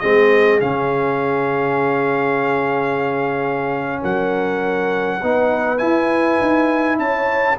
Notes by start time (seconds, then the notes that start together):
0.00 G#3 C4 G#4 D#5
0.60 C#3 C#4 F5
4.01 F#3 A#4 F#5
5.22 B3 D#4 B4
5.78 E4 G#5
6.41 D#4
6.99 C#4 C#5 A5